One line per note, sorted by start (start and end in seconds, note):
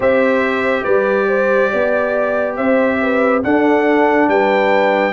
0.00 0.84 C4
0.00 3.42 G4
0.00 0.83 C5
0.00 0.84 E5
0.83 1.71 G3
0.83 1.26 B4
0.83 2.55 D5
1.27 1.70 C5
1.70 2.58 B3
1.70 2.56 D5
2.56 3.43 C4
2.56 2.99 C5
2.56 3.42 E5
3.01 3.43 B4
3.43 5.12 D4
3.43 4.27 D4
3.43 4.28 A4
3.43 4.29 F#5
4.27 5.12 G3
4.27 5.12 B4
4.27 5.12 G5